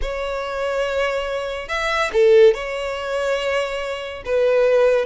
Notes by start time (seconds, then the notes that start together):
0.01 C#5
1.68 E5
2.12 A4
2.54 C#5
4.25 B4